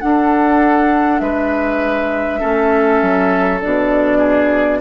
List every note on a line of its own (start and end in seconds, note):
0.00 2.40 D4
0.00 1.20 D4
0.00 1.22 A4
0.00 1.19 F#5
1.19 2.40 G#3
1.19 2.40 B4
1.19 3.59 E5
2.40 3.02 A3
2.40 3.60 C#4
2.40 4.17 A4
3.02 3.62 F#3
3.61 4.81 B2
3.61 4.81 D4
3.61 4.81 D5
4.17 4.78 G#4